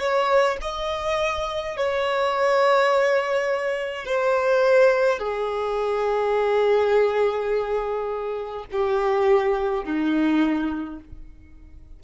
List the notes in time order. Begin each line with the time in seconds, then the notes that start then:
0.00 C#5
0.61 D#5
1.77 C#5
4.05 C5
5.19 G#4
8.72 G4
9.84 D#4